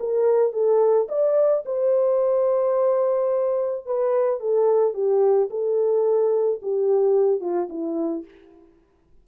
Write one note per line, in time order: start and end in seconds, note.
0.00 0.53 A#4
0.53 1.08 A4
1.09 1.64 D5
1.66 3.86 C5
3.86 4.40 B4
4.40 4.94 A4
4.94 5.49 G4
5.50 6.60 A4
6.63 7.41 G4
7.41 7.68 F4
7.70 8.25 E4